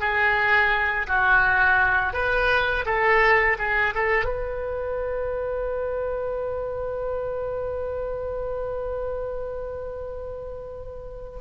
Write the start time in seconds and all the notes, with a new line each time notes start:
0.00 G#4
1.07 F#4
2.13 B4
2.86 A4
3.58 G#4
3.94 A4
4.25 B4